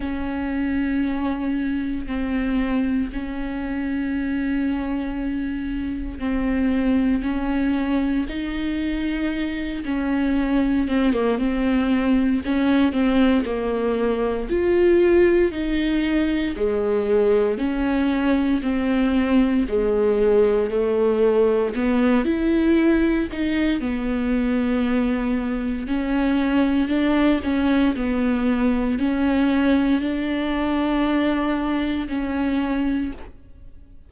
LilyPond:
\new Staff \with { instrumentName = "viola" } { \time 4/4 \tempo 4 = 58 cis'2 c'4 cis'4~ | cis'2 c'4 cis'4 | dis'4. cis'4 c'16 ais16 c'4 | cis'8 c'8 ais4 f'4 dis'4 |
gis4 cis'4 c'4 gis4 | a4 b8 e'4 dis'8 b4~ | b4 cis'4 d'8 cis'8 b4 | cis'4 d'2 cis'4 | }